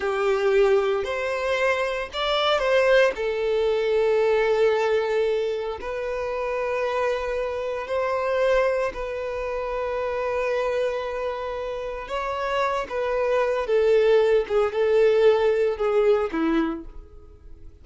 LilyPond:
\new Staff \with { instrumentName = "violin" } { \time 4/4 \tempo 4 = 114 g'2 c''2 | d''4 c''4 a'2~ | a'2. b'4~ | b'2. c''4~ |
c''4 b'2.~ | b'2. cis''4~ | cis''8 b'4. a'4. gis'8 | a'2 gis'4 e'4 | }